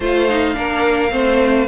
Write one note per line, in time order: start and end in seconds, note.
0.00 0.56 A3
0.00 0.29 F4
0.00 0.55 C5
0.00 1.67 F5
0.29 0.53 D#4
0.53 1.12 A#3
0.53 1.09 D4
0.53 1.12 A#4
1.10 1.67 A3
1.10 1.66 C4
1.10 1.67 C5